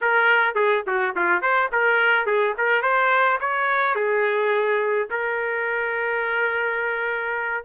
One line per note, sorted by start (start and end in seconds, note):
0.01 0.55 A#4
0.55 0.83 G#4
0.86 1.15 F#4
1.15 1.41 F4
1.41 1.70 C5
1.72 2.26 A#4
2.26 2.54 G#4
2.57 2.81 A#4
2.81 3.38 C5
3.40 3.95 C#5
3.95 5.08 G#4
5.10 7.64 A#4